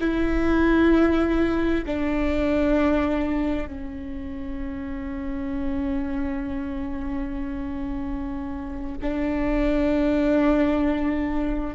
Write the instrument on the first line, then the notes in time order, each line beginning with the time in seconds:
viola
0.00 E4
1.87 D4
3.68 C#4
9.02 D4